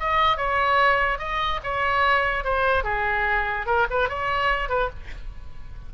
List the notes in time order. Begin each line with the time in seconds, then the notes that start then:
0.00 D#5
0.37 C#5
1.19 D#5
1.63 C#5
2.44 C5
2.84 G#4
3.66 A#4
3.90 B4
4.09 C#5
4.69 B4